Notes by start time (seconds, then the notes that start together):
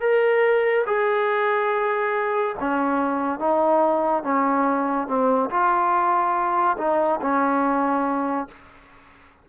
0.00 A#4
0.86 G#4
2.59 C#4
3.39 D#4
4.23 C#4
5.07 C4
5.50 F4
6.77 D#4
7.21 C#4